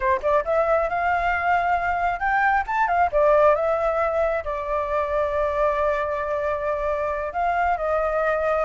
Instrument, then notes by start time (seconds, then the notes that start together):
flute
0.00 C5
0.22 D5
0.44 E5
0.89 F5
2.19 G5
2.66 A5
2.87 F5
3.12 D5
3.55 E5
4.44 D5
7.33 F5
7.77 D#5